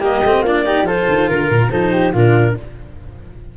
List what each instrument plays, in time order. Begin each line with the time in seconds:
0.00 tuba G3, cello A#3, flute G4, clarinet D#5
0.23 tuba A3, cello C4
0.42 tuba A#3, cello D4, flute F4, clarinet D5
0.65 cello D#4, flute G4
0.82 tuba F3, cello F4, flute A4, clarinet C5
1.08 tuba D#3
1.28 tuba D3, flute A#4, clarinet A#4
1.49 tuba A#2
1.70 tuba F3, cello D#4, flute A4, clarinet C5
1.92 flute G4
2.12 tuba A#2, cello D4, flute F4, clarinet A#4